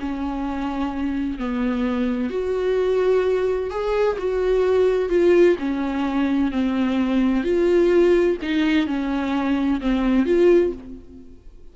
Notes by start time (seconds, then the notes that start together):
0.00 C#4
1.38 B3
2.30 F#4
3.70 G#4
4.18 F#4
5.09 F4
5.59 C#4
6.51 C4
7.44 F4
8.42 D#4
8.87 C#4
9.81 C4
10.26 F4